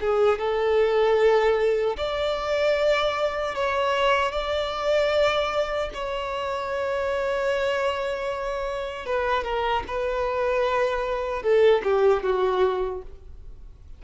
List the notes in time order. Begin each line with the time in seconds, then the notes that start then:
0.00 G#4
0.38 A4
1.97 D5
3.55 C#5
4.32 D5
5.94 C#5
9.06 B4
9.44 A#4
9.88 B4
11.42 A4
11.83 G4
12.23 F#4